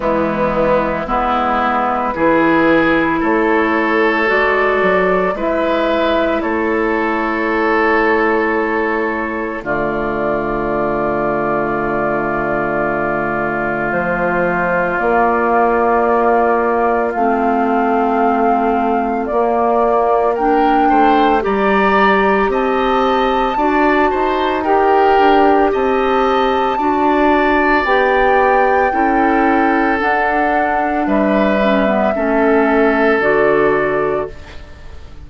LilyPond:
<<
  \new Staff \with { instrumentName = "flute" } { \time 4/4 \tempo 4 = 56 e'4 b'2 cis''4 | d''4 e''4 cis''2~ | cis''4 d''2.~ | d''4 c''4 d''2 |
f''2 d''4 g''4 | ais''4 a''2 g''4 | a''2 g''2 | fis''4 e''2 d''4 | }
  \new Staff \with { instrumentName = "oboe" } { \time 4/4 b4 e'4 gis'4 a'4~ | a'4 b'4 a'2~ | a'4 f'2.~ | f'1~ |
f'2. ais'8 c''8 | d''4 dis''4 d''8 c''8 ais'4 | dis''4 d''2 a'4~ | a'4 b'4 a'2 | }
  \new Staff \with { instrumentName = "clarinet" } { \time 4/4 gis4 b4 e'2 | fis'4 e'2.~ | e'4 a2.~ | a2 ais2 |
c'2 ais4 d'4 | g'2 fis'4 g'4~ | g'4 fis'4 g'4 e'4 | d'4. cis'16 b16 cis'4 fis'4 | }
  \new Staff \with { instrumentName = "bassoon" } { \time 4/4 e4 gis4 e4 a4 | gis8 fis8 gis4 a2~ | a4 d2.~ | d4 f4 ais2 |
a2 ais4. a8 | g4 c'4 d'8 dis'4 d'8 | c'4 d'4 b4 cis'4 | d'4 g4 a4 d4 | }
>>